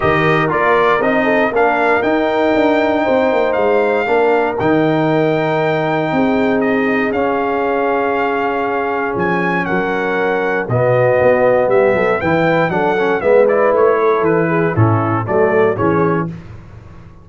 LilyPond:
<<
  \new Staff \with { instrumentName = "trumpet" } { \time 4/4 \tempo 4 = 118 dis''4 d''4 dis''4 f''4 | g''2. f''4~ | f''4 g''2.~ | g''4 dis''4 f''2~ |
f''2 gis''4 fis''4~ | fis''4 dis''2 e''4 | g''4 fis''4 e''8 d''8 cis''4 | b'4 a'4 d''4 cis''4 | }
  \new Staff \with { instrumentName = "horn" } { \time 4/4 ais'2~ ais'8 a'8 ais'4~ | ais'2 c''2 | ais'1 | gis'1~ |
gis'2. ais'4~ | ais'4 fis'2 g'8 a'8 | b'4 a'4 b'4. a'8~ | a'8 gis'8 e'4 a'4 gis'4 | }
  \new Staff \with { instrumentName = "trombone" } { \time 4/4 g'4 f'4 dis'4 d'4 | dis'1 | d'4 dis'2.~ | dis'2 cis'2~ |
cis'1~ | cis'4 b2. | e'4 d'8 cis'8 b8 e'4.~ | e'4 cis'4 a4 cis'4 | }
  \new Staff \with { instrumentName = "tuba" } { \time 4/4 dis4 ais4 c'4 ais4 | dis'4 d'4 c'8 ais8 gis4 | ais4 dis2. | c'2 cis'2~ |
cis'2 f4 fis4~ | fis4 b,4 b4 g8 fis8 | e4 fis4 gis4 a4 | e4 a,4 fis4 e4 | }
>>